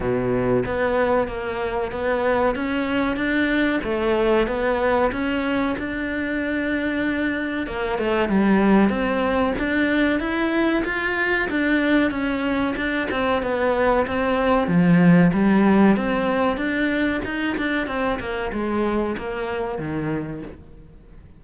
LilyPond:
\new Staff \with { instrumentName = "cello" } { \time 4/4 \tempo 4 = 94 b,4 b4 ais4 b4 | cis'4 d'4 a4 b4 | cis'4 d'2. | ais8 a8 g4 c'4 d'4 |
e'4 f'4 d'4 cis'4 | d'8 c'8 b4 c'4 f4 | g4 c'4 d'4 dis'8 d'8 | c'8 ais8 gis4 ais4 dis4 | }